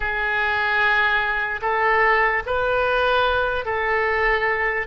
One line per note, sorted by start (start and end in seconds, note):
0.00 1.60 G#4
1.61 2.43 A4
2.46 3.65 B4
3.65 4.86 A4